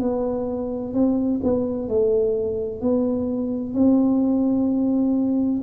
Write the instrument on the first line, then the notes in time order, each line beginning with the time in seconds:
tuba
0.00 B3
0.94 C4
1.43 B3
1.89 A3
2.81 B3
3.74 C4